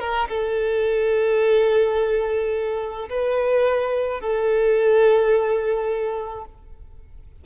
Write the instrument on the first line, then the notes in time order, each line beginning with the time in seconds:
violin
0.00 A#4
0.29 A4
3.10 B4
4.21 A4